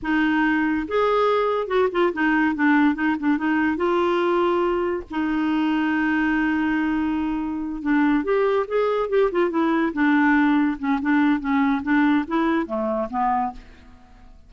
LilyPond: \new Staff \with { instrumentName = "clarinet" } { \time 4/4 \tempo 4 = 142 dis'2 gis'2 | fis'8 f'8 dis'4 d'4 dis'8 d'8 | dis'4 f'2. | dis'1~ |
dis'2~ dis'8 d'4 g'8~ | g'8 gis'4 g'8 f'8 e'4 d'8~ | d'4. cis'8 d'4 cis'4 | d'4 e'4 a4 b4 | }